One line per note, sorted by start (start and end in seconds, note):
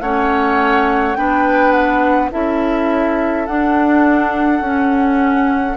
0.00 1.16 A3
0.00 1.16 C#4
0.00 1.17 C#5
0.00 1.15 F#5
1.15 2.32 B3
1.15 2.31 D4
1.15 2.31 B4
1.15 1.71 G5
1.71 2.29 F#5
2.31 3.48 C#4
2.31 3.46 E4
2.31 5.77 A4
2.31 3.46 E5
3.46 4.62 D4
3.46 4.60 D4
3.46 5.77 F#5
4.60 5.75 C#4
4.60 5.77 C#4